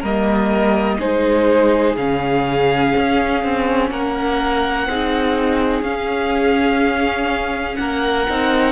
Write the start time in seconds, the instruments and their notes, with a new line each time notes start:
0.00 cello G3, viola A#3, violin A#4 D#5
0.99 cello G#3, viola D#4, violin G#4 C5
1.96 cello C#3, viola C#4, violin F5
2.96 cello C#4
3.44 cello C4
3.90 cello A#3, violin A#4 F#5
4.87 cello C4, viola D#4, violin G#4
5.83 cello C#4, viola C#4, violin F5
7.76 cello A#3, violin A#4 F#5
8.29 cello C4, viola D#4